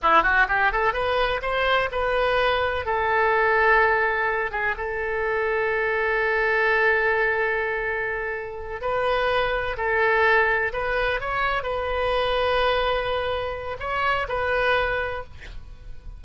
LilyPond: \new Staff \with { instrumentName = "oboe" } { \time 4/4 \tempo 4 = 126 e'8 fis'8 g'8 a'8 b'4 c''4 | b'2 a'2~ | a'4. gis'8 a'2~ | a'1~ |
a'2~ a'8 b'4.~ | b'8 a'2 b'4 cis''8~ | cis''8 b'2.~ b'8~ | b'4 cis''4 b'2 | }